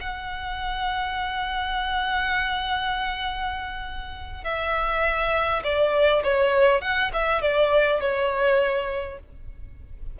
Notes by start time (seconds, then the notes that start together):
0.00 F#5
4.44 E5
5.63 D5
6.23 C#5
6.81 F#5
7.13 E5
7.41 D5
8.00 C#5